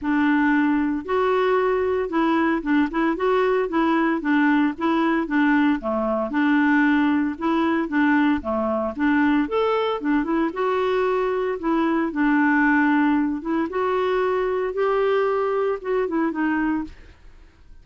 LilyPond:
\new Staff \with { instrumentName = "clarinet" } { \time 4/4 \tempo 4 = 114 d'2 fis'2 | e'4 d'8 e'8 fis'4 e'4 | d'4 e'4 d'4 a4 | d'2 e'4 d'4 |
a4 d'4 a'4 d'8 e'8 | fis'2 e'4 d'4~ | d'4. e'8 fis'2 | g'2 fis'8 e'8 dis'4 | }